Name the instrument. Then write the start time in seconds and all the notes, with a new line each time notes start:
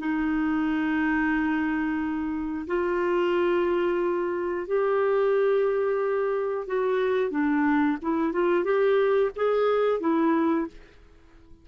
clarinet
0.00 D#4
2.68 F4
4.68 G4
6.67 F#4
7.31 D4
8.02 E4
8.33 F4
8.65 G4
9.36 G#4
10.01 E4